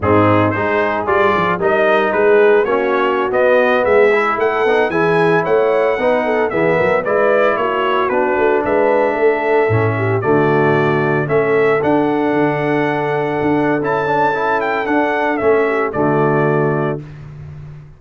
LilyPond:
<<
  \new Staff \with { instrumentName = "trumpet" } { \time 4/4 \tempo 4 = 113 gis'4 c''4 d''4 dis''4 | b'4 cis''4~ cis''16 dis''4 e''8.~ | e''16 fis''4 gis''4 fis''4.~ fis''16~ | fis''16 e''4 d''4 cis''4 b'8.~ |
b'16 e''2. d''8.~ | d''4~ d''16 e''4 fis''4.~ fis''16~ | fis''2 a''4. g''8 | fis''4 e''4 d''2 | }
  \new Staff \with { instrumentName = "horn" } { \time 4/4 dis'4 gis'2 ais'4 | gis'4 fis'2~ fis'16 gis'8.~ | gis'16 a'4 gis'4 cis''4 b'8 a'16~ | a'16 gis'8 ais'8 b'4 fis'4.~ fis'16~ |
fis'16 b'4 a'4. g'8 fis'8.~ | fis'4~ fis'16 a'2~ a'8.~ | a'1~ | a'4. g'8 fis'2 | }
  \new Staff \with { instrumentName = "trombone" } { \time 4/4 c'4 dis'4 f'4 dis'4~ | dis'4 cis'4~ cis'16 b4. e'16~ | e'8. dis'8 e'2 dis'8.~ | dis'16 b4 e'2 d'8.~ |
d'2~ d'16 cis'4 a8.~ | a4~ a16 cis'4 d'4.~ d'16~ | d'2 e'8 d'8 e'4 | d'4 cis'4 a2 | }
  \new Staff \with { instrumentName = "tuba" } { \time 4/4 gis,4 gis4 g8 f8 g4 | gis4 ais4~ ais16 b4 gis8.~ | gis16 a8 b8 e4 a4 b8.~ | b16 e8 fis8 gis4 ais4 b8 a16~ |
a16 gis4 a4 a,4 d8.~ | d4~ d16 a4 d'4 d8.~ | d4~ d16 d'8. cis'2 | d'4 a4 d2 | }
>>